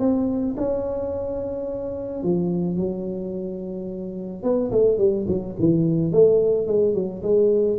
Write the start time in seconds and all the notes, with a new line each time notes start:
0.00 C4
0.58 C#4
2.23 F3
2.77 F#3
4.43 B3
4.72 A3
4.98 G3
5.28 F#3
5.59 E3
6.12 A3
6.67 G#3
6.95 F#3
7.23 G#3